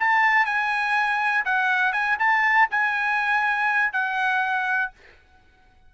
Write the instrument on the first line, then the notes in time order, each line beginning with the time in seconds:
trumpet
0.00 A5
0.46 G#5
1.45 F#5
1.93 G#5
2.19 A5
2.71 G#5
3.93 F#5